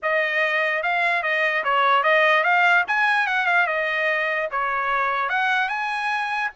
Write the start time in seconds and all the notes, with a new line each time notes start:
0.02 D#5
0.82 F5
1.22 D#5
1.64 C#5
2.03 D#5
2.43 F5
2.87 G#5
3.26 F#5
3.46 F5
3.67 D#5
4.51 C#5
5.29 F#5
5.68 G#5